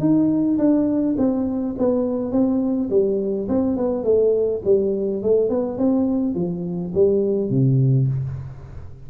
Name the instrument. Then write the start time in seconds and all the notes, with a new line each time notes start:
tuba
0.00 D#4
0.58 D4
1.18 C4
1.78 B3
2.32 C4
2.90 G3
3.49 C4
3.77 B3
4.04 A3
4.65 G3
5.22 A3
5.49 B3
5.78 C4
6.35 F3
6.94 G3
7.50 C3